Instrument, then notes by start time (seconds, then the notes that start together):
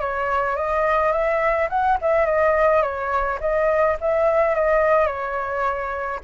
flute
0.00 C#5
0.56 D#5
1.12 E5
1.70 F#5
2.01 E5
2.26 D#5
2.82 C#5
3.40 D#5
4.01 E5
4.55 D#5
5.07 C#5